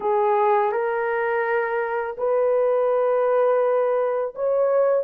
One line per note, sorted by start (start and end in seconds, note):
0.00 0.72 G#4
0.72 2.16 A#4
2.17 4.34 B4
4.35 5.04 C#5